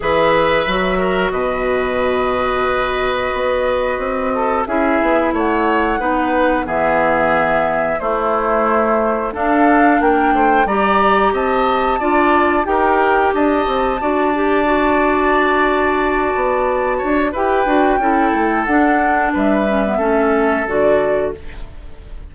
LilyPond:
<<
  \new Staff \with { instrumentName = "flute" } { \time 4/4 \tempo 4 = 90 e''2 dis''2~ | dis''2. e''4 | fis''2 e''2 | c''2 f''4 g''4 |
ais''4 a''2 g''4 | a''1~ | a''2 g''2 | fis''4 e''2 d''4 | }
  \new Staff \with { instrumentName = "oboe" } { \time 4/4 b'4. ais'8 b'2~ | b'2~ b'8 a'8 gis'4 | cis''4 b'4 gis'2 | e'2 a'4 ais'8 c''8 |
d''4 dis''4 d''4 ais'4 | dis''4 d''2.~ | d''4. cis''8 b'4 a'4~ | a'4 b'4 a'2 | }
  \new Staff \with { instrumentName = "clarinet" } { \time 4/4 gis'4 fis'2.~ | fis'2. e'4~ | e'4 dis'4 b2 | a2 d'2 |
g'2 f'4 g'4~ | g'4 fis'8 g'8 fis'2~ | fis'2 g'8 fis'8 e'4 | d'4. cis'16 b16 cis'4 fis'4 | }
  \new Staff \with { instrumentName = "bassoon" } { \time 4/4 e4 fis4 b,2~ | b,4 b4 c'4 cis'8 b8 | a4 b4 e2 | a2 d'4 ais8 a8 |
g4 c'4 d'4 dis'4 | d'8 c'8 d'2.~ | d'8 b4 d'8 e'8 d'8 cis'8 a8 | d'4 g4 a4 d4 | }
>>